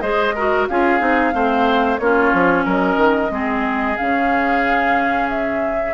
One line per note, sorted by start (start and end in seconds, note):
0.00 0.68 G#3
0.00 0.34 G#4
0.00 0.34 C5
0.00 0.66 D#5
0.35 0.70 F#4
0.35 0.68 A#4
0.68 1.00 C#4
0.68 0.99 F4
0.68 1.34 G#4
0.68 1.98 F5
0.99 1.33 C4
0.99 1.32 D#4
1.33 1.99 A3
1.33 1.99 C4
1.33 2.00 C5
1.98 2.32 A#3
1.98 3.30 C#4
1.98 2.65 F4
1.98 2.64 C#5
2.33 2.66 F3
2.65 2.96 F#3
2.65 3.30 A#4
2.65 3.97 D#5
2.96 3.29 D#3
3.30 3.96 G#3
3.30 3.96 C4
3.30 5.94 G#4
3.97 5.94 C#3
3.97 5.94 C#4
3.97 5.29 F5
5.29 5.94 E5